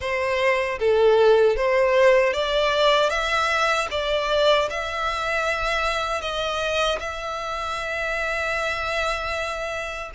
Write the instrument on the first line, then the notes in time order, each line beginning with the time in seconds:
violin
0.00 C5
0.79 A4
1.56 C5
2.33 D5
3.09 E5
3.91 D5
4.70 E5
6.21 D#5
6.99 E5